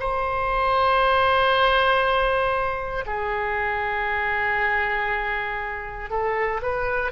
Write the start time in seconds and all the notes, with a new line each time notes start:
0.00 C5
3.06 G#4
6.10 A4
6.62 B4